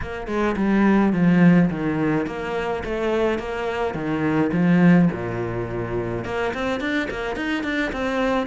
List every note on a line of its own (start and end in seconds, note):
0.01 0.27 A#3
0.27 0.55 G#3
0.56 1.12 G3
1.12 1.69 F3
1.70 2.26 D#3
2.26 2.83 A#3
2.84 3.38 A3
3.38 3.94 A#3
3.94 4.51 D#3
4.52 5.08 F3
5.11 6.24 A#2
6.24 6.53 A#3
6.54 6.80 C4
6.80 7.08 D4
7.10 7.36 A#3
7.36 7.63 D#4
7.63 7.91 D4
7.92 8.46 C4